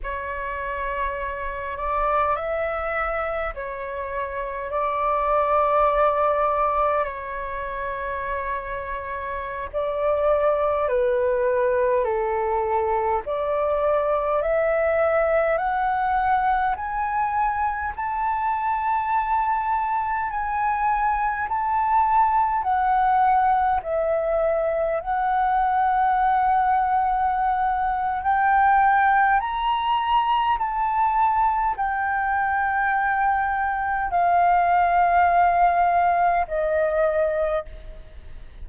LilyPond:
\new Staff \with { instrumentName = "flute" } { \time 4/4 \tempo 4 = 51 cis''4. d''8 e''4 cis''4 | d''2 cis''2~ | cis''16 d''4 b'4 a'4 d''8.~ | d''16 e''4 fis''4 gis''4 a''8.~ |
a''4~ a''16 gis''4 a''4 fis''8.~ | fis''16 e''4 fis''2~ fis''8. | g''4 ais''4 a''4 g''4~ | g''4 f''2 dis''4 | }